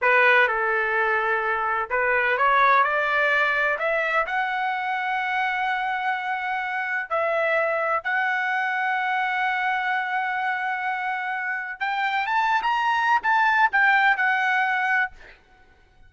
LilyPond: \new Staff \with { instrumentName = "trumpet" } { \time 4/4 \tempo 4 = 127 b'4 a'2. | b'4 cis''4 d''2 | e''4 fis''2.~ | fis''2. e''4~ |
e''4 fis''2.~ | fis''1~ | fis''4 g''4 a''8. ais''4~ ais''16 | a''4 g''4 fis''2 | }